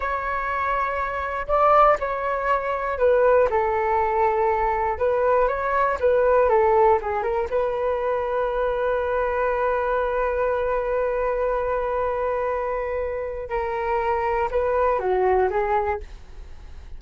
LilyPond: \new Staff \with { instrumentName = "flute" } { \time 4/4 \tempo 4 = 120 cis''2. d''4 | cis''2 b'4 a'4~ | a'2 b'4 cis''4 | b'4 a'4 gis'8 ais'8 b'4~ |
b'1~ | b'1~ | b'2. ais'4~ | ais'4 b'4 fis'4 gis'4 | }